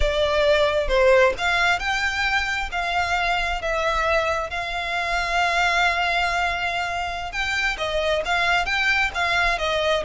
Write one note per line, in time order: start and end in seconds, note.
0.00 0.88 D5
0.88 1.33 C5
1.37 1.79 F5
1.79 2.69 G5
2.71 3.61 F5
3.61 4.50 E5
4.50 7.31 F5
7.31 7.77 G5
7.77 8.22 D#5
8.25 8.65 F5
8.65 9.10 G5
9.14 9.58 F5
9.58 10.03 D#5